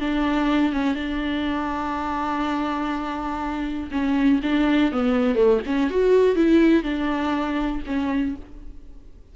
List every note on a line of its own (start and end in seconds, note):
0.00 0.72 D4
0.72 0.95 C#4
0.95 3.90 D4
3.91 4.40 C#4
4.43 4.92 D4
4.92 5.35 B3
5.35 5.60 A3
5.66 5.90 C#4
5.90 6.35 F#4
6.35 6.83 E4
6.83 7.81 D4
7.86 8.35 C#4